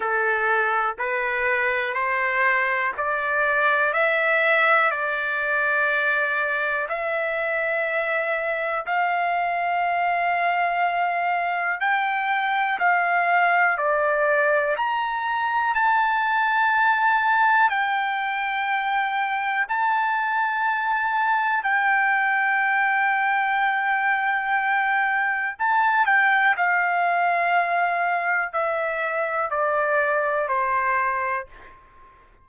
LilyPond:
\new Staff \with { instrumentName = "trumpet" } { \time 4/4 \tempo 4 = 61 a'4 b'4 c''4 d''4 | e''4 d''2 e''4~ | e''4 f''2. | g''4 f''4 d''4 ais''4 |
a''2 g''2 | a''2 g''2~ | g''2 a''8 g''8 f''4~ | f''4 e''4 d''4 c''4 | }